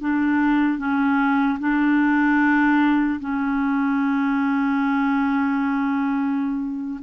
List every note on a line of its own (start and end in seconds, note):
0.00 0.78 D4
0.78 1.58 C#4
1.59 3.19 D4
3.20 7.00 C#4